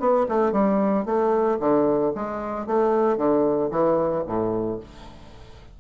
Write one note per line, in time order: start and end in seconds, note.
0.00 0.27 B3
0.29 0.53 A3
0.53 1.06 G3
1.06 1.59 A3
1.60 2.13 D3
2.15 2.67 G#3
2.67 3.18 A3
3.18 3.71 D3
3.71 4.25 E3
4.27 4.80 A2